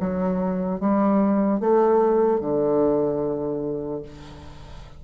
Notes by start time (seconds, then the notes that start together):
0.00 F#3
0.80 G3
1.60 A3
2.41 D3